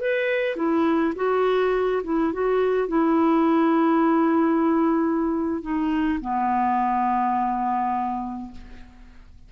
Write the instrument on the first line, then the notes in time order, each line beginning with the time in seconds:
clarinet
0.00 B4
0.56 E4
1.15 F#4
2.03 E4
2.32 F#4
2.88 E4
5.61 D#4
6.20 B3